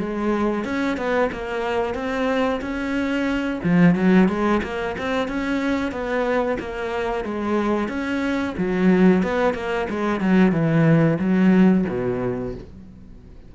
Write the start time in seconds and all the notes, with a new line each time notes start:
0.00 G#3
0.65 C#4
0.98 B3
1.32 A#3
1.95 C4
2.62 C#4
3.64 F3
3.96 F#3
4.29 G#3
4.63 A#3
4.98 C4
5.28 C#4
5.92 B3
6.60 A#3
7.25 G#3
7.89 C#4
8.58 F#3
9.23 B3
9.55 A#3
9.90 G#3
10.21 F#3
10.53 E3
11.19 F#3
11.89 B2